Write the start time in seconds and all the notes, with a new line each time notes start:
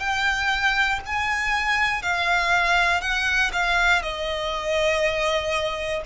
0.00 G5
1.06 G#5
2.03 F5
3.01 F#5
3.53 F5
4.02 D#5